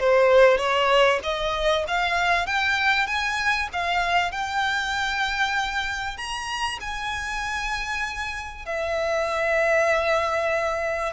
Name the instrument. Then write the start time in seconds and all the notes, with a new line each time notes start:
violin
0.00 C5
0.58 C#5
1.23 D#5
1.88 F5
2.47 G5
3.07 G#5
3.73 F5
4.32 G5
6.17 A#5
6.81 G#5
8.66 E5